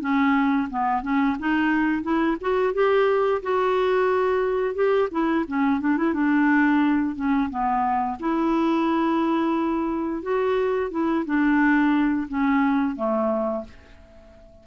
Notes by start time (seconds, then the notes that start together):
0.00 C#4
0.70 B3
1.02 C#4
1.39 D#4
2.02 E4
2.41 F#4
2.73 G4
3.42 F#4
4.74 G4
5.11 E4
5.47 C#4
5.80 D4
5.97 E4
6.13 D4
7.15 C#4
7.50 B3
8.19 E4
10.22 F#4
10.90 E4
11.25 D4
12.28 C#4
12.96 A3